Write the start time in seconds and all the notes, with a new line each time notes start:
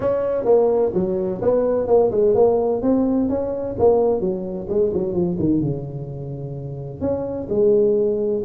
0.00 C#4
0.45 A#3
0.94 F#3
1.41 B3
1.87 A#3
2.11 G#3
2.35 A#3
2.82 C4
3.29 C#4
3.78 A#3
4.20 F#3
4.69 G#3
4.93 F#3
5.13 F3
5.39 D#3
5.61 C#3
7.00 C#4
7.49 G#3